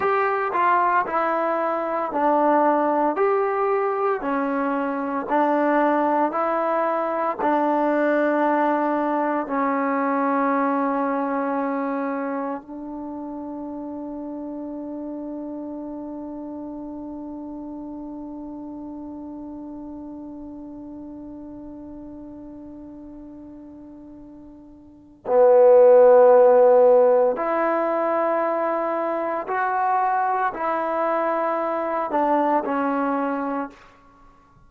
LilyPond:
\new Staff \with { instrumentName = "trombone" } { \time 4/4 \tempo 4 = 57 g'8 f'8 e'4 d'4 g'4 | cis'4 d'4 e'4 d'4~ | d'4 cis'2. | d'1~ |
d'1~ | d'1 | b2 e'2 | fis'4 e'4. d'8 cis'4 | }